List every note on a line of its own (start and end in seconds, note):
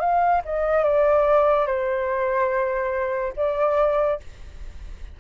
0.00 0.42 F5
0.45 0.84 D#5
0.84 1.67 D5
1.67 3.34 C5
3.37 4.20 D5